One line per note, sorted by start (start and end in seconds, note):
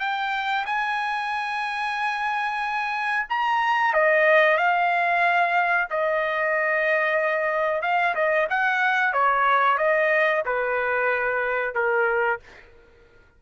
0.00 0.65 G5
0.66 3.27 G#5
3.29 3.93 A#5
3.93 4.58 D#5
4.58 5.88 F5
5.90 7.82 D#5
7.82 8.15 F5
8.15 8.48 D#5
8.50 9.13 F#5
9.13 9.78 C#5
9.78 10.43 D#5
10.46 11.75 B4
11.75 12.40 A#4